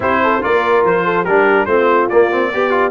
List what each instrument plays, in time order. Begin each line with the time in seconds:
0.00 tuba C4, trombone E4, horn G4, trumpet C5
0.23 horn A4
0.41 tuba A#3, trombone F4, horn A#4, trumpet D5
0.83 tuba F3, trumpet C5
1.05 horn A4
1.23 tuba G3, trombone D4, horn G4, trumpet A#4
1.65 tuba A3, trombone C4, horn F4, trumpet C5
2.09 trombone A#3, tuba A#3, trumpet D5
2.31 trombone C4
2.53 tuba B3, trombone G4, horn G4
2.69 trombone F4